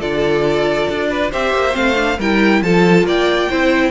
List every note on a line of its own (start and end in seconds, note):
0.00 0.88 D3
0.00 1.31 F4
0.00 1.09 A4
0.00 1.32 D5
0.89 1.33 D4
1.10 1.31 B4
1.31 1.54 C4
1.31 1.72 G4
1.31 2.18 C5
1.31 1.76 E5
1.54 1.75 A#3
1.72 2.19 A3
1.72 1.94 C4
1.72 2.19 F5
1.96 2.17 D4
2.19 2.62 G3
2.19 2.65 E4
2.19 2.62 A#4
2.19 2.63 G5
2.62 3.04 F3
2.62 3.51 F4
2.62 3.07 A4
2.62 3.06 A5
3.04 3.47 A#3
3.04 3.50 D5
3.04 3.91 G5
3.50 3.91 C4
3.50 3.91 E4
3.50 3.91 C5